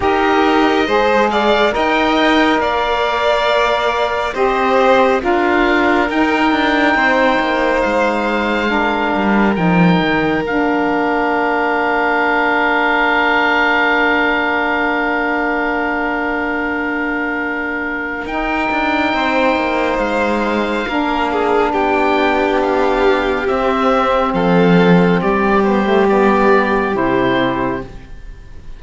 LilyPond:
<<
  \new Staff \with { instrumentName = "oboe" } { \time 4/4 \tempo 4 = 69 dis''4. f''8 g''4 f''4~ | f''4 dis''4 f''4 g''4~ | g''4 f''2 g''4 | f''1~ |
f''1~ | f''4 g''2 f''4~ | f''4 g''4 f''4 e''4 | f''4 d''8 c''8 d''4 c''4 | }
  \new Staff \with { instrumentName = "violin" } { \time 4/4 ais'4 c''8 d''8 dis''4 d''4~ | d''4 c''4 ais'2 | c''2 ais'2~ | ais'1~ |
ais'1~ | ais'2 c''2 | ais'8 gis'8 g'2. | a'4 g'2. | }
  \new Staff \with { instrumentName = "saxophone" } { \time 4/4 g'4 gis'4 ais'2~ | ais'4 g'4 f'4 dis'4~ | dis'2 d'4 dis'4 | d'1~ |
d'1~ | d'4 dis'2. | d'2. c'4~ | c'4. b16 a16 b4 e'4 | }
  \new Staff \with { instrumentName = "cello" } { \time 4/4 dis'4 gis4 dis'4 ais4~ | ais4 c'4 d'4 dis'8 d'8 | c'8 ais8 gis4. g8 f8 dis8 | ais1~ |
ais1~ | ais4 dis'8 d'8 c'8 ais8 gis4 | ais4 b2 c'4 | f4 g2 c4 | }
>>